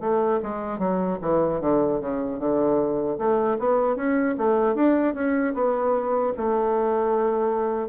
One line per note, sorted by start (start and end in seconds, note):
0.00 0.39 A3
0.43 0.79 G#3
0.79 1.18 F#3
1.21 1.60 E3
1.60 2.00 D3
2.00 2.39 C#3
2.39 3.18 D3
3.18 3.57 A3
3.59 3.96 B3
3.96 4.35 C#4
4.38 4.75 A3
4.75 5.14 D4
5.14 5.54 C#4
5.54 6.33 B3
6.37 7.88 A3